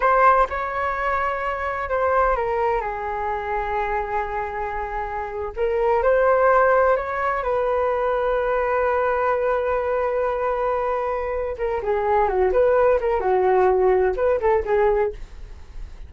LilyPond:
\new Staff \with { instrumentName = "flute" } { \time 4/4 \tempo 4 = 127 c''4 cis''2. | c''4 ais'4 gis'2~ | gis'2.~ gis'8. ais'16~ | ais'8. c''2 cis''4 b'16~ |
b'1~ | b'1~ | b'8 ais'8 gis'4 fis'8 b'4 ais'8 | fis'2 b'8 a'8 gis'4 | }